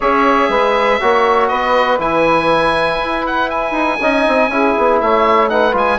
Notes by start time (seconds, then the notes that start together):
0.00 C#4 G#4 C#5 E5
0.48 G#3 B4
0.99 A#3 F#4 C#5
1.48 B3 B4 D#5
1.98 E3 E4 G#5
2.99 E4
3.26 F#5
3.49 G#5
3.71 D#4
4.00 C#4 D#4 D#5
4.27 C4
4.48 C#4 E4 G#4
4.77 B3
5.00 A3 C#5 E5
5.49 D#4 B4 F#5
5.72 G#3 F4 G#5